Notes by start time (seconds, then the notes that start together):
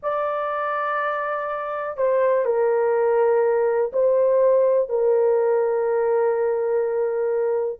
0.02 D5
1.97 C5
2.45 A#4
3.92 C5
4.89 A#4